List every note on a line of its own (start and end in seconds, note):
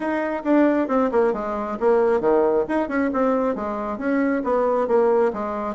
0.00 0.42 D#4
0.43 0.88 D4
0.88 1.10 C4
1.11 1.33 A#3
1.33 1.77 G#3
1.79 2.20 A#3
2.20 2.64 D#3
2.68 2.88 D#4
2.88 3.10 C#4
3.13 3.55 C4
3.55 3.98 G#3
3.98 4.42 C#4
4.44 4.87 B3
4.87 5.32 A#3
5.33 5.75 G#3